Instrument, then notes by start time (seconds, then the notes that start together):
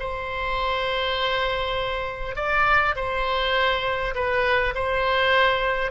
oboe
0.00 C5
2.36 D5
2.96 C5
4.15 B4
4.75 C5